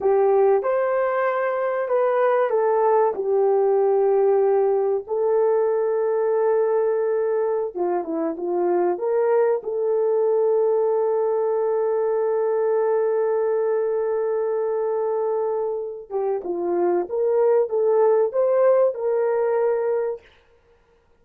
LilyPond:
\new Staff \with { instrumentName = "horn" } { \time 4/4 \tempo 4 = 95 g'4 c''2 b'4 | a'4 g'2. | a'1~ | a'16 f'8 e'8 f'4 ais'4 a'8.~ |
a'1~ | a'1~ | a'4. g'8 f'4 ais'4 | a'4 c''4 ais'2 | }